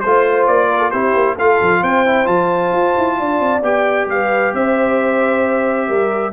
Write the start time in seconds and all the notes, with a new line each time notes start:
0.00 A3 F4 C5
0.47 A#3 D5
0.70 A#4
0.79 A4
0.90 C4 E4 G4 C5
1.14 A#3
1.36 A3 F4 A4 F5
1.61 F3
1.80 C4 C5 G5
2.06 E4
2.24 F3 F4 A5
2.71 F4
2.98 E4
3.19 D4 D5
3.39 C4
3.61 B3 G4 G5
4.06 G3 B4 F5
4.53 C4 C5 E5
5.87 G3 A#4